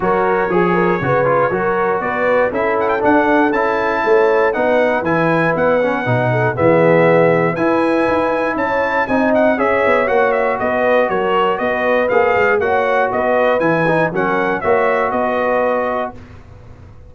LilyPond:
<<
  \new Staff \with { instrumentName = "trumpet" } { \time 4/4 \tempo 4 = 119 cis''1 | d''4 e''8 fis''16 g''16 fis''4 a''4~ | a''4 fis''4 gis''4 fis''4~ | fis''4 e''2 gis''4~ |
gis''4 a''4 gis''8 fis''8 e''4 | fis''8 e''8 dis''4 cis''4 dis''4 | f''4 fis''4 dis''4 gis''4 | fis''4 e''4 dis''2 | }
  \new Staff \with { instrumentName = "horn" } { \time 4/4 ais'4 gis'8 ais'8 b'4 ais'4 | b'4 a'2. | cis''4 b'2.~ | b'8 a'8 gis'2 b'4~ |
b'4 cis''4 dis''4 cis''4~ | cis''4 b'4 ais'4 b'4~ | b'4 cis''4 b'2 | ais'4 cis''4 b'2 | }
  \new Staff \with { instrumentName = "trombone" } { \time 4/4 fis'4 gis'4 fis'8 f'8 fis'4~ | fis'4 e'4 d'4 e'4~ | e'4 dis'4 e'4. cis'8 | dis'4 b2 e'4~ |
e'2 dis'4 gis'4 | fis'1 | gis'4 fis'2 e'8 dis'8 | cis'4 fis'2. | }
  \new Staff \with { instrumentName = "tuba" } { \time 4/4 fis4 f4 cis4 fis4 | b4 cis'4 d'4 cis'4 | a4 b4 e4 b4 | b,4 e2 e'4 |
dis'4 cis'4 c'4 cis'8 b8 | ais4 b4 fis4 b4 | ais8 gis8 ais4 b4 e4 | fis4 ais4 b2 | }
>>